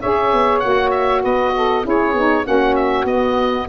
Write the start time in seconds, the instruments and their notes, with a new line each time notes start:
0.00 tuba C#4, saxophone G#4 C#5, oboe E5
0.33 tuba B3
0.60 tuba A#3, saxophone F#4, oboe F#5
0.91 oboe E5
1.22 tuba B3, saxophone B4, oboe D#5
1.56 saxophone A4
1.83 tuba C#4, saxophone E4 G#4, oboe C#5
2.14 tuba B3, saxophone D#4
2.44 tuba A#3, saxophone C#4 F#4, oboe F#5
2.75 oboe E5
3.04 tuba B3, saxophone B3, oboe D#5